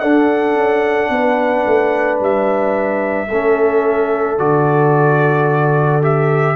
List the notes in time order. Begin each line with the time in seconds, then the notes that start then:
0.00 D4 A4 F#5
0.55 C#4
1.10 B3 B4
1.66 A3
2.20 G3 E5
3.29 A3 C#4 A4
4.39 D3 F#4 D5
6.02 G4 E5